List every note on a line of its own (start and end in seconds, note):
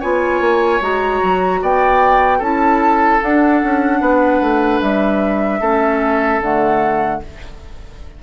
0.00 0.40 B3
0.00 0.81 F4
0.00 1.60 C#5
0.00 0.81 G#5
0.40 0.80 A#3
0.81 1.21 G#3
0.81 2.41 F#4
0.81 1.62 A#5
1.23 1.62 F#3
1.62 2.40 B3
1.62 2.38 D5
1.62 2.42 G5
2.38 3.20 C#4
2.38 3.22 E4
2.38 3.98 A4
2.38 3.22 A5
3.22 5.62 D4
3.22 3.63 D4
3.22 4.82 F#5
3.63 4.00 C#4
4.00 4.41 B3
4.00 5.60 B4
4.41 4.81 A3
4.82 5.61 G3
4.82 6.42 E5
5.60 6.41 A3
5.60 6.42 C#4
5.60 7.20 A4
6.41 7.21 D3
6.41 7.22 A3
6.41 7.23 F#5